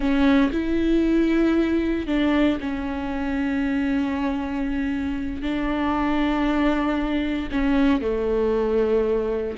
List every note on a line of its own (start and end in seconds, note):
0.00 0.50 C#4
0.51 2.06 E4
2.06 2.58 D4
2.60 5.41 C#4
5.41 7.48 D4
7.51 8.01 C#4
8.01 9.56 A3